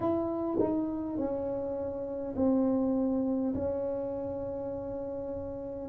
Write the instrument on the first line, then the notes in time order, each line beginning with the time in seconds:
tuba
0.00 E4
0.59 D#4
1.17 C#4
2.36 C4
3.54 C#4